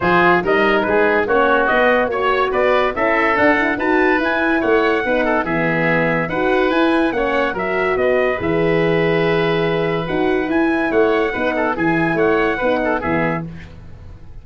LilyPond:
<<
  \new Staff \with { instrumentName = "trumpet" } { \time 4/4 \tempo 4 = 143 c''4 dis''4 b'4 cis''4 | dis''4 cis''4 d''4 e''4 | fis''4 a''4 gis''4 fis''4~ | fis''4 e''2 fis''4 |
gis''4 fis''4 e''4 dis''4 | e''1 | fis''4 gis''4 fis''2 | gis''4 fis''2 e''4 | }
  \new Staff \with { instrumentName = "oboe" } { \time 4/4 gis'4 ais'4 gis'4 fis'4~ | fis'4 cis''4 b'4 a'4~ | a'4 b'2 cis''4 | b'8 a'8 gis'2 b'4~ |
b'4 cis''4 ais'4 b'4~ | b'1~ | b'2 cis''4 b'8 a'8 | gis'4 cis''4 b'8 a'8 gis'4 | }
  \new Staff \with { instrumentName = "horn" } { \time 4/4 f'4 dis'2 cis'4 | b4 fis'2 e'4 | d'8 e'8 fis'4 e'2 | dis'4 b2 fis'4 |
e'4 cis'4 fis'2 | gis'1 | fis'4 e'2 dis'4 | e'2 dis'4 b4 | }
  \new Staff \with { instrumentName = "tuba" } { \time 4/4 f4 g4 gis4 ais4 | b4 ais4 b4 cis'4 | d'4 dis'4 e'4 a4 | b4 e2 dis'4 |
e'4 ais4 fis4 b4 | e1 | dis'4 e'4 a4 b4 | e4 a4 b4 e4 | }
>>